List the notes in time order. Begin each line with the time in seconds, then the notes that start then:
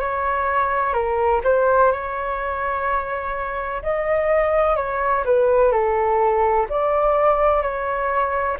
0.00 C#5
0.93 A#4
1.44 C5
1.91 C#5
3.82 D#5
4.76 C#5
5.25 B4
5.72 A4
6.69 D5
7.62 C#5